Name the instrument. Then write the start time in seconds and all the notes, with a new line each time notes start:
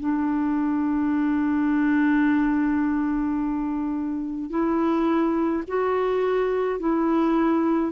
clarinet
0.00 D4
4.50 E4
5.68 F#4
6.80 E4